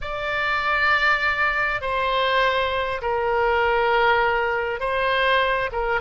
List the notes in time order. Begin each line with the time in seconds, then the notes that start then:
0.01 D5
1.81 C5
3.01 A#4
4.79 C5
5.72 A#4